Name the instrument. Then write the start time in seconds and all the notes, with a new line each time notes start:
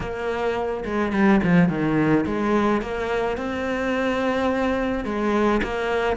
cello
0.00 A#3
0.85 G#3
1.12 G3
1.43 F3
1.68 D#3
2.26 G#3
2.81 A#3
3.37 C4
5.05 G#3
5.63 A#3